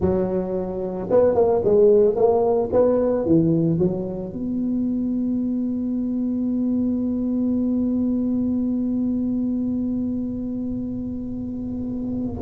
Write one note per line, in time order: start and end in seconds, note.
0.00 1.08 F#3
1.10 1.34 B3
1.34 1.61 A#3
1.64 2.15 G#3
2.15 2.69 A#3
2.72 3.25 B3
3.25 3.78 E3
3.78 4.32 F#3
4.32 12.42 B3